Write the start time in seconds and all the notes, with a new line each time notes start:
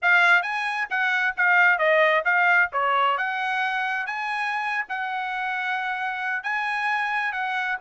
0.02 F5
0.42 G#5
0.89 F#5
1.36 F5
1.78 D#5
2.25 F5
2.72 C#5
3.17 F#5
4.06 G#5
4.88 F#5
6.43 G#5
7.32 F#5